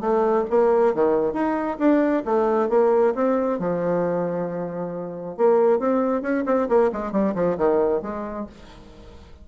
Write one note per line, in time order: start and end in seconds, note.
0.00 0.44 A3
0.50 0.94 A#3
0.94 1.33 D#3
1.33 1.77 D#4
1.78 2.23 D4
2.25 2.69 A3
2.69 3.14 A#3
3.15 3.59 C4
3.59 5.37 F3
5.37 5.79 A#3
5.79 6.22 C4
6.22 6.44 C#4
6.46 6.68 C4
6.68 6.91 A#3
6.92 7.12 G#3
7.12 7.34 G3
7.35 7.57 F3
7.57 8.02 D#3
8.02 8.46 G#3